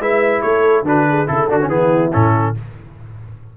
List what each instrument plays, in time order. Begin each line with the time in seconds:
0.00 tuba G#3, trombone E4, horn B4, trumpet E5
0.42 tuba A3, horn A4, trumpet C#5
0.83 tuba D3, trombone D4, horn F#4, trumpet B4
1.09 horn G#4
1.27 tuba C#3, trombone E4, trumpet A4, horn A4
1.49 tuba D3, trombone D4, trumpet F#4
1.62 trombone C#4
1.68 tuba E3, trombone B3, horn E4, trumpet G#4
2.13 tuba A2, trombone C#4, trumpet A4